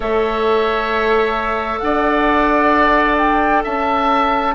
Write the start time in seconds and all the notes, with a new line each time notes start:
0.00 A3 A4 C#5 E5
1.79 D4 D5 F#5
3.17 G5
3.63 C#4 E5 A5